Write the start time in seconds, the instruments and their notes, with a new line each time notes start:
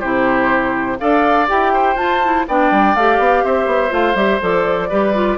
0.00 bassoon C3, clarinet E4, oboe G4, flute C5
0.99 bassoon D4, clarinet A4, oboe D5, flute F5
1.48 bassoon E4, clarinet G4, flute G5
1.73 oboe C5
1.96 bassoon F4, clarinet F4, flute A5
2.24 clarinet E4
2.48 bassoon B3, clarinet D4, oboe D5, flute G5
2.71 bassoon G3
2.95 bassoon A3, clarinet G4, flute F5
3.19 bassoon B3
3.44 bassoon C4, oboe C5, flute E5
3.66 bassoon B3
3.90 bassoon A3, clarinet F4, flute F5
4.15 bassoon G3, clarinet G4, flute E5
4.41 bassoon F3, clarinet A4, flute D5
4.89 bassoon G3, clarinet G4, oboe B4
5.15 clarinet F4